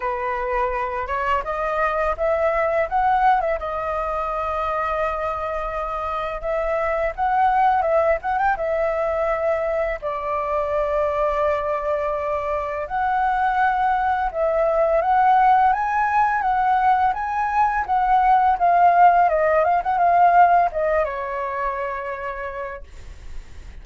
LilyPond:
\new Staff \with { instrumentName = "flute" } { \time 4/4 \tempo 4 = 84 b'4. cis''8 dis''4 e''4 | fis''8. e''16 dis''2.~ | dis''4 e''4 fis''4 e''8 fis''16 g''16 | e''2 d''2~ |
d''2 fis''2 | e''4 fis''4 gis''4 fis''4 | gis''4 fis''4 f''4 dis''8 f''16 fis''16 | f''4 dis''8 cis''2~ cis''8 | }